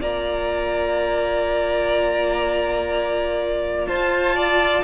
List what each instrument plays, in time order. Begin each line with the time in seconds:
0.00 cello A#3, viola F4, violin D5 A#5
3.86 cello F4, violin C5 A5
4.35 violin D5